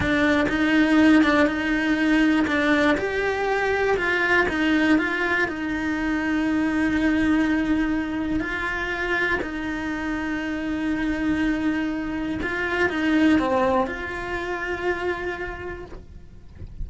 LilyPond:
\new Staff \with { instrumentName = "cello" } { \time 4/4 \tempo 4 = 121 d'4 dis'4. d'8 dis'4~ | dis'4 d'4 g'2 | f'4 dis'4 f'4 dis'4~ | dis'1~ |
dis'4 f'2 dis'4~ | dis'1~ | dis'4 f'4 dis'4 c'4 | f'1 | }